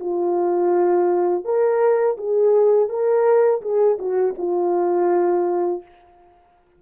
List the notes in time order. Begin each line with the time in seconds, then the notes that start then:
0.00 F4
1.45 A#4
2.17 G#4
2.89 A#4
3.61 G#4
3.99 F#4
4.38 F4